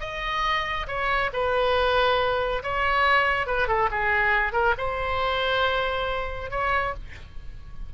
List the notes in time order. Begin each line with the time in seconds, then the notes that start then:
0.00 D#5
0.87 C#5
1.33 B4
2.63 C#5
3.46 B4
3.67 A4
3.91 G#4
4.52 A#4
4.78 C5
6.50 C#5